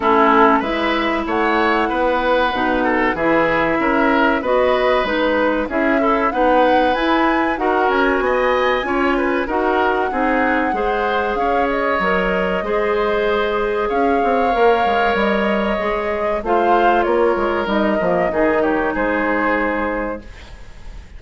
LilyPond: <<
  \new Staff \with { instrumentName = "flute" } { \time 4/4 \tempo 4 = 95 a'4 e''4 fis''2~ | fis''4 e''2 dis''4 | b'4 e''4 fis''4 gis''4 | fis''8 gis''2~ gis''8 fis''4~ |
fis''2 f''8 dis''4.~ | dis''2 f''2 | dis''2 f''4 cis''4 | dis''4. cis''8 c''2 | }
  \new Staff \with { instrumentName = "oboe" } { \time 4/4 e'4 b'4 cis''4 b'4~ | b'8 a'8 gis'4 ais'4 b'4~ | b'4 gis'8 e'8 b'2 | ais'4 dis''4 cis''8 b'8 ais'4 |
gis'4 c''4 cis''2 | c''2 cis''2~ | cis''2 c''4 ais'4~ | ais'4 gis'8 g'8 gis'2 | }
  \new Staff \with { instrumentName = "clarinet" } { \time 4/4 cis'4 e'2. | dis'4 e'2 fis'4 | dis'4 e'8 a'8 dis'4 e'4 | fis'2 f'4 fis'4 |
dis'4 gis'2 ais'4 | gis'2. ais'4~ | ais'4 gis'4 f'2 | dis'8 ais8 dis'2. | }
  \new Staff \with { instrumentName = "bassoon" } { \time 4/4 a4 gis4 a4 b4 | b,4 e4 cis'4 b4 | gis4 cis'4 b4 e'4 | dis'8 cis'8 b4 cis'4 dis'4 |
c'4 gis4 cis'4 fis4 | gis2 cis'8 c'8 ais8 gis8 | g4 gis4 a4 ais8 gis8 | g8 f8 dis4 gis2 | }
>>